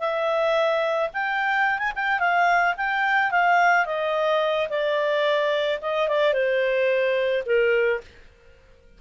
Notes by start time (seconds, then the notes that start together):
0.00 E5
1.14 G5
1.79 G#5
1.96 G5
2.20 F5
2.77 G5
3.31 F5
3.86 D#5
4.70 D5
5.82 D#5
6.09 D5
6.34 C5
7.46 A#4